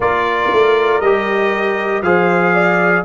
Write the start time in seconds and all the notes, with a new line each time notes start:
0.00 A#3 F4 A#4 D5
0.52 A3
1.00 G3 G4 D#5
2.01 F3 G#4 C5 F5
2.53 D5